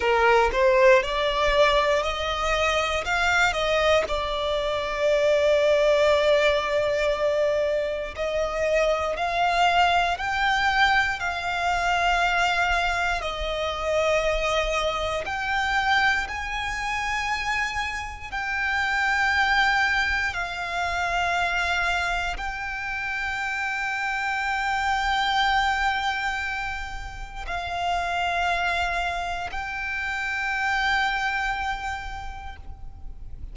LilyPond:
\new Staff \with { instrumentName = "violin" } { \time 4/4 \tempo 4 = 59 ais'8 c''8 d''4 dis''4 f''8 dis''8 | d''1 | dis''4 f''4 g''4 f''4~ | f''4 dis''2 g''4 |
gis''2 g''2 | f''2 g''2~ | g''2. f''4~ | f''4 g''2. | }